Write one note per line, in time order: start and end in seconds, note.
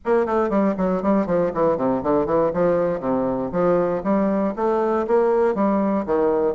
0.05 0.26 A#3
0.26 0.49 A3
0.49 0.74 G3
0.77 1.02 F#3
1.02 1.26 G3
1.26 1.51 F3
1.54 1.77 E3
1.77 2.02 C3
2.03 2.26 D3
2.26 2.51 E3
2.53 3.00 F3
3.00 3.50 C3
3.52 4.02 F3
4.03 4.54 G3
4.56 5.06 A3
5.07 5.54 A#3
5.54 6.05 G3
6.05 6.55 D#3